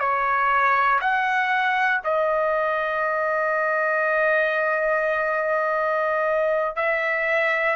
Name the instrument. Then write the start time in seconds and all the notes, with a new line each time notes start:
trumpet
0.00 C#5
1.01 F#5
2.05 D#5
6.77 E5